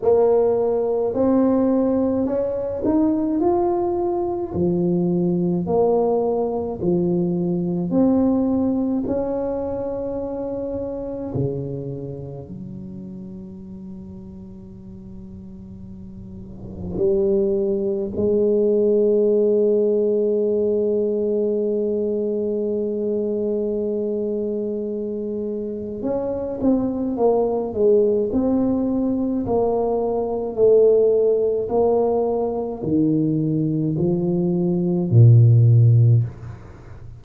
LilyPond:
\new Staff \with { instrumentName = "tuba" } { \time 4/4 \tempo 4 = 53 ais4 c'4 cis'8 dis'8 f'4 | f4 ais4 f4 c'4 | cis'2 cis4 fis4~ | fis2. g4 |
gis1~ | gis2. cis'8 c'8 | ais8 gis8 c'4 ais4 a4 | ais4 dis4 f4 ais,4 | }